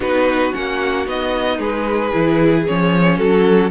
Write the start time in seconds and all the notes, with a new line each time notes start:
0.00 B3 D#4 F#4 B4
0.52 A#3 C#4 F#5
1.05 B3 D#4 D#5
1.58 G#3 G#4 B4
2.12 E3 E4
2.66 F3 C#4 C#5
3.17 F#3 F#4 A4